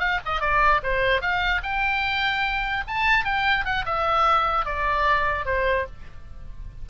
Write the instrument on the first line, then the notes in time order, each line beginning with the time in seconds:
oboe
0.00 F5
0.26 D#5
0.41 D5
0.83 C5
1.22 F5
1.63 G5
2.88 A5
3.25 G5
3.65 F#5
3.86 E5
4.66 D5
5.46 C5